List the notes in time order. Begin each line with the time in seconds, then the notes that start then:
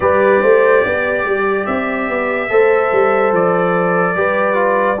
0.00 G3 G4 B4 D5
0.41 A3 C5
0.83 B3 D5
1.24 G3
1.66 C4 E5
2.08 B3
2.49 A3 A4 C5
2.91 G3
3.32 F3 D5
4.15 G3 G4 B4
4.54 F4